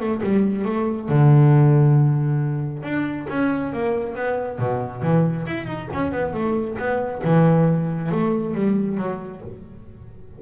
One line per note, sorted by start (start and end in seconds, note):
0.00 0.22 A3
0.23 0.65 G3
0.65 1.09 A3
1.09 2.83 D3
2.83 3.27 D4
3.29 3.73 C#4
3.73 4.15 A#3
4.15 4.59 B3
4.59 5.02 B2
5.02 5.46 E3
5.47 5.67 E4
5.67 5.88 D#4
5.93 6.12 C#4
6.12 6.34 B3
6.34 6.77 A3
6.79 7.23 B3
7.24 8.12 E3
8.12 8.55 A3
8.55 8.98 G3
8.98 9.41 F#3